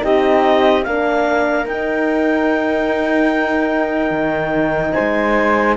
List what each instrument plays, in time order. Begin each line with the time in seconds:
0.00 cello C4, horn D#4, flute G4, clarinet D#5
0.83 cello A#3, horn D4, flute A#4, clarinet F5
1.65 cello D#4, horn D#4, clarinet G5
4.10 cello D#3
4.92 flute C5, clarinet G#5
4.99 cello G#3